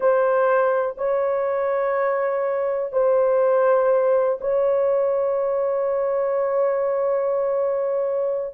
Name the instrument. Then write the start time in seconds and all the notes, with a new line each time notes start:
horn
0.00 C5
0.97 C#5
2.92 C5
4.40 C#5